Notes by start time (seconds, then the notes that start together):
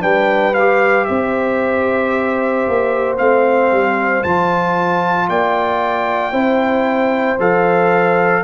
0.00 G3 D4 B4 G5
0.54 G4 F5
1.05 C4 C5 E5
2.68 A#3
3.17 A3 C4 F5
3.71 G3
4.23 F3 F4 A5
5.28 A#3 D5 G5
6.32 C4 E4 C5
7.39 F3 A4 F5